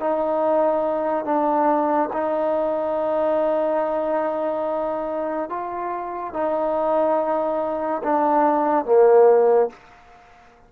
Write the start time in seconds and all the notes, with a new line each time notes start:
0.00 D#4
1.25 D4
2.13 D#4
5.49 F4
6.33 D#4
8.04 D4
8.85 A#3